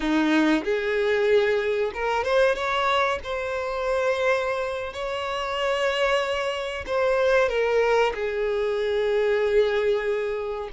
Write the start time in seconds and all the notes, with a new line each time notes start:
0.00 D#4
0.64 G#4
1.94 A#4
2.24 C5
2.55 C#5
3.23 C5
4.93 C#5
6.86 C5
7.49 A#4
8.14 G#4